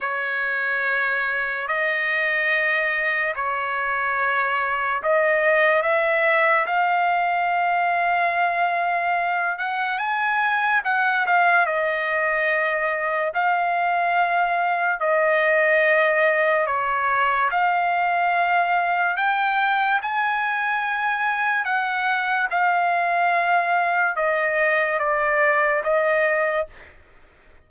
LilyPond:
\new Staff \with { instrumentName = "trumpet" } { \time 4/4 \tempo 4 = 72 cis''2 dis''2 | cis''2 dis''4 e''4 | f''2.~ f''8 fis''8 | gis''4 fis''8 f''8 dis''2 |
f''2 dis''2 | cis''4 f''2 g''4 | gis''2 fis''4 f''4~ | f''4 dis''4 d''4 dis''4 | }